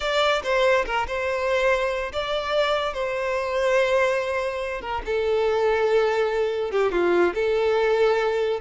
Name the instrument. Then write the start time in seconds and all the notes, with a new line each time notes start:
violin
0.00 D5
0.43 C5
0.85 A#4
1.07 C5
2.12 D5
2.93 C5
4.81 A#4
5.05 A4
6.71 G4
6.91 F4
7.34 A4